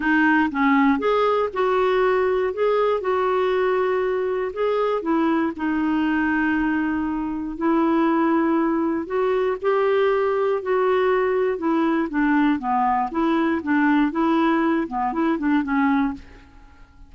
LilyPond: \new Staff \with { instrumentName = "clarinet" } { \time 4/4 \tempo 4 = 119 dis'4 cis'4 gis'4 fis'4~ | fis'4 gis'4 fis'2~ | fis'4 gis'4 e'4 dis'4~ | dis'2. e'4~ |
e'2 fis'4 g'4~ | g'4 fis'2 e'4 | d'4 b4 e'4 d'4 | e'4. b8 e'8 d'8 cis'4 | }